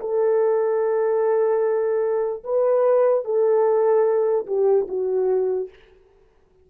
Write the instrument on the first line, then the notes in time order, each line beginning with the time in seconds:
horn
0.00 A4
2.43 B4
3.24 A4
4.46 G4
4.88 F#4